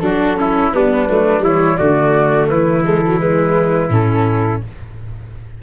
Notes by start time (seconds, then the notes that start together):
0.00 F#3 D4 F#4 A4
0.37 C#4 E4
0.72 G3 B3 D4 B4
1.09 F#3 A3
1.40 E3 G3 E4
1.46 C#5
1.77 D3 A3 F#4 D5
2.49 E3 E4 B4
2.85 G#3 A4
3.07 F#3
3.19 G#3 B4
3.90 A2 C#4 A4